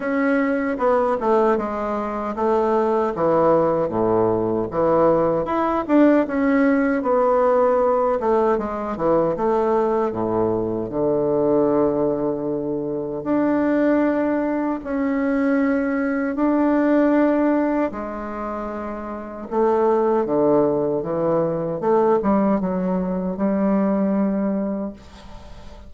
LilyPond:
\new Staff \with { instrumentName = "bassoon" } { \time 4/4 \tempo 4 = 77 cis'4 b8 a8 gis4 a4 | e4 a,4 e4 e'8 d'8 | cis'4 b4. a8 gis8 e8 | a4 a,4 d2~ |
d4 d'2 cis'4~ | cis'4 d'2 gis4~ | gis4 a4 d4 e4 | a8 g8 fis4 g2 | }